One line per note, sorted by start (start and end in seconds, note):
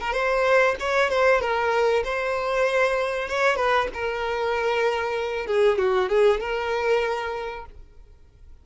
0.00 0.13 A#4
0.13 0.75 C5
0.80 1.10 C#5
1.10 1.41 C5
1.41 2.03 A#4
2.04 3.28 C5
3.28 3.56 C#5
3.56 3.88 B4
3.93 5.47 A#4
5.47 5.78 G#4
5.78 6.09 F#4
6.09 6.40 G#4
6.40 7.65 A#4